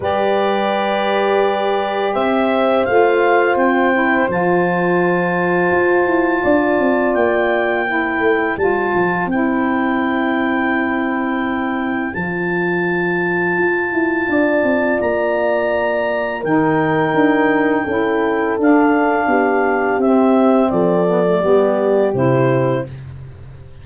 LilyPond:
<<
  \new Staff \with { instrumentName = "clarinet" } { \time 4/4 \tempo 4 = 84 d''2. e''4 | f''4 g''4 a''2~ | a''2 g''2 | a''4 g''2.~ |
g''4 a''2.~ | a''4 ais''2 g''4~ | g''2 f''2 | e''4 d''2 c''4 | }
  \new Staff \with { instrumentName = "horn" } { \time 4/4 b'2. c''4~ | c''1~ | c''4 d''2 c''4~ | c''1~ |
c''1 | d''2. ais'4~ | ais'4 a'2 g'4~ | g'4 a'4 g'2 | }
  \new Staff \with { instrumentName = "saxophone" } { \time 4/4 g'1 | f'4. e'8 f'2~ | f'2. e'4 | f'4 e'2.~ |
e'4 f'2.~ | f'2. dis'4~ | dis'4 e'4 d'2 | c'4. b16 a16 b4 e'4 | }
  \new Staff \with { instrumentName = "tuba" } { \time 4/4 g2. c'4 | a4 c'4 f2 | f'8 e'8 d'8 c'8 ais4. a8 | g8 f8 c'2.~ |
c'4 f2 f'8 e'8 | d'8 c'8 ais2 dis4 | d'4 cis'4 d'4 b4 | c'4 f4 g4 c4 | }
>>